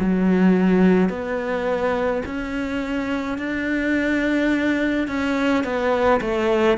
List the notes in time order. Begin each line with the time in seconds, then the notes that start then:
0.00 F#3
1.10 B3
2.26 C#4
3.39 D4
5.08 C#4
5.64 B3
6.22 A3